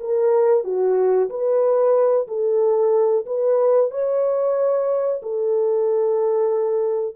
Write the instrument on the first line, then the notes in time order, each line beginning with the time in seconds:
horn
0.00 A#4
0.64 F#4
1.29 B4
2.28 A4
3.26 B4
3.90 C#5
5.22 A4